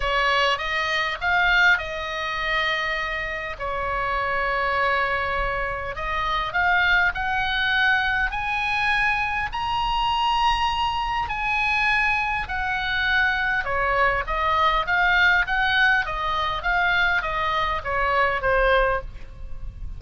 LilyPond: \new Staff \with { instrumentName = "oboe" } { \time 4/4 \tempo 4 = 101 cis''4 dis''4 f''4 dis''4~ | dis''2 cis''2~ | cis''2 dis''4 f''4 | fis''2 gis''2 |
ais''2. gis''4~ | gis''4 fis''2 cis''4 | dis''4 f''4 fis''4 dis''4 | f''4 dis''4 cis''4 c''4 | }